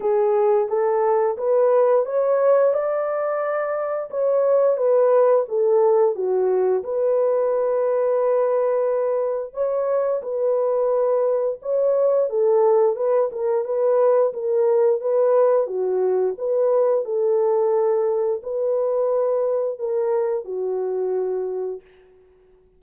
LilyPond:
\new Staff \with { instrumentName = "horn" } { \time 4/4 \tempo 4 = 88 gis'4 a'4 b'4 cis''4 | d''2 cis''4 b'4 | a'4 fis'4 b'2~ | b'2 cis''4 b'4~ |
b'4 cis''4 a'4 b'8 ais'8 | b'4 ais'4 b'4 fis'4 | b'4 a'2 b'4~ | b'4 ais'4 fis'2 | }